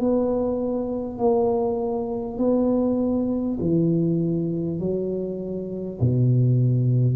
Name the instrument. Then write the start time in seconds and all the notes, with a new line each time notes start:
tuba
0.00 B3
1.18 A#3
2.38 B3
3.59 E3
4.79 F#3
6.00 B2